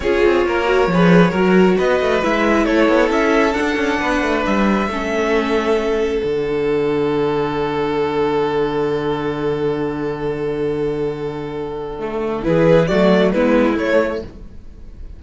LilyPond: <<
  \new Staff \with { instrumentName = "violin" } { \time 4/4 \tempo 4 = 135 cis''1 | dis''4 e''4 cis''4 e''4 | fis''2 e''2~ | e''2 fis''2~ |
fis''1~ | fis''1~ | fis''1 | b'4 d''4 b'4 cis''4 | }
  \new Staff \with { instrumentName = "violin" } { \time 4/4 gis'4 ais'4 b'4 ais'4 | b'2 a'2~ | a'4 b'2 a'4~ | a'1~ |
a'1~ | a'1~ | a'1 | gis'4 fis'4 e'2 | }
  \new Staff \with { instrumentName = "viola" } { \time 4/4 f'4. fis'8 gis'4 fis'4~ | fis'4 e'2. | d'2. cis'4~ | cis'2 d'2~ |
d'1~ | d'1~ | d'2. a4 | e'4 a4 b4 a4 | }
  \new Staff \with { instrumentName = "cello" } { \time 4/4 cis'8 c'8 ais4 f4 fis4 | b8 a8 gis4 a8 b8 cis'4 | d'8 cis'8 b8 a8 g4 a4~ | a2 d2~ |
d1~ | d1~ | d1 | e4 fis4 gis4 a4 | }
>>